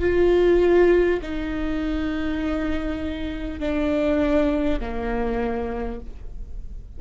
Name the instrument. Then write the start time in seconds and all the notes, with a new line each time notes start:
viola
0.00 F4
1.22 D#4
3.59 D4
4.80 A#3